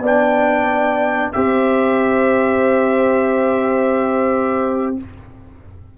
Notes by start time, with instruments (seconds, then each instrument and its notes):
0.00 tuba B3, trombone D4, horn D5
0.07 trumpet G5
1.33 tuba C4, trombone G4, horn C5, trumpet E5